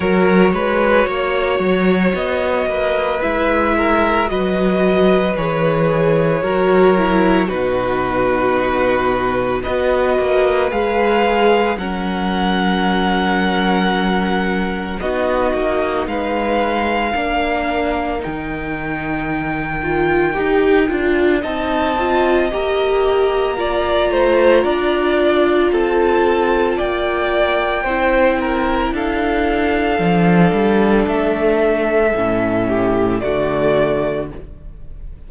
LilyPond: <<
  \new Staff \with { instrumentName = "violin" } { \time 4/4 \tempo 4 = 56 cis''2 dis''4 e''4 | dis''4 cis''2 b'4~ | b'4 dis''4 f''4 fis''4~ | fis''2 dis''4 f''4~ |
f''4 g''2. | a''4 ais''2. | a''4 g''2 f''4~ | f''4 e''2 d''4 | }
  \new Staff \with { instrumentName = "violin" } { \time 4/4 ais'8 b'8 cis''4. b'4 ais'8 | b'2 ais'4 fis'4~ | fis'4 b'2 ais'4~ | ais'2 fis'4 b'4 |
ais'1 | dis''2 d''8 c''8 d''4 | a'4 d''4 c''8 ais'8 a'4~ | a'2~ a'8 g'8 fis'4 | }
  \new Staff \with { instrumentName = "viola" } { \time 4/4 fis'2. e'4 | fis'4 gis'4 fis'8 e'8 dis'4~ | dis'4 fis'4 gis'4 cis'4~ | cis'2 dis'2 |
d'4 dis'4. f'8 g'8 f'8 | dis'8 f'8 g'4 f'2~ | f'2 e'2 | d'2 cis'4 a4 | }
  \new Staff \with { instrumentName = "cello" } { \time 4/4 fis8 gis8 ais8 fis8 b8 ais8 gis4 | fis4 e4 fis4 b,4~ | b,4 b8 ais8 gis4 fis4~ | fis2 b8 ais8 gis4 |
ais4 dis2 dis'8 d'8 | c'4 ais4. a8 d'4 | c'4 ais4 c'4 d'4 | f8 g8 a4 a,4 d4 | }
>>